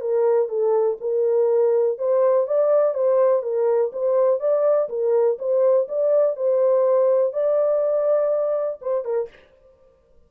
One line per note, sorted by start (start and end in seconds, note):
0.00 0.48 A#4
0.48 0.97 A4
1.00 1.98 A#4
1.98 2.46 C5
2.47 2.94 D5
2.94 3.42 C5
3.42 3.91 A#4
3.92 4.39 C5
4.39 4.88 D5
4.89 5.37 A#4
5.38 5.87 C5
5.88 6.36 D5
6.36 7.33 C5
7.33 8.79 D5
8.81 9.04 C5
9.04 9.29 A#4